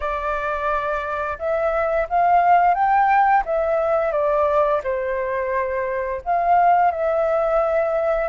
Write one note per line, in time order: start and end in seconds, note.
0.00 1.38 D5
1.38 2.07 E5
2.09 2.74 F5
2.74 3.43 G5
3.45 4.12 E5
4.12 4.81 D5
4.83 6.21 C5
6.24 6.91 F5
6.91 8.29 E5